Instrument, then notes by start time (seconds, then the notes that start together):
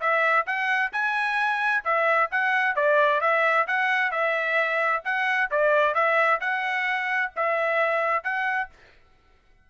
trumpet
0.00 E5
0.46 F#5
0.92 G#5
1.84 E5
2.31 F#5
2.76 D5
3.21 E5
3.67 F#5
4.11 E5
5.04 F#5
5.51 D5
5.94 E5
6.40 F#5
7.36 E5
8.23 F#5